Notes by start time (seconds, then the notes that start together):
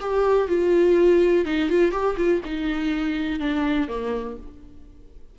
0.00 G4
0.48 F4
1.45 D#4
1.69 F4
1.91 G4
2.17 F4
2.45 D#4
3.39 D4
3.88 A#3